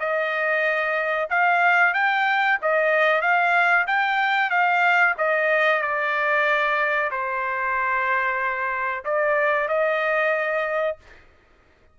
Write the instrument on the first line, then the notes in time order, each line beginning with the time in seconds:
trumpet
0.00 D#5
1.30 F5
1.94 G5
2.62 D#5
3.22 F5
3.87 G5
4.50 F5
5.18 D#5
5.82 D5
7.11 C5
9.05 D5
9.69 D#5